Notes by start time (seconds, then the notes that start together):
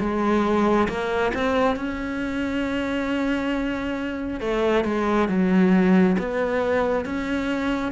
0.00 G#3
0.89 A#3
1.34 C4
1.76 C#4
4.41 A3
4.84 G#3
5.29 F#3
6.18 B3
7.05 C#4